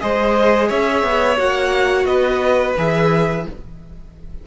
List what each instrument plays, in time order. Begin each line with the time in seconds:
0.00 cello G#3, viola G#4, violin C5 D#5
0.68 cello C#4, violin C#5 E5
1.03 cello B3
1.36 cello A#3, viola F#4, violin F#5
2.05 cello B3, violin B4 D#5
2.77 cello E3, viola G#4, violin E5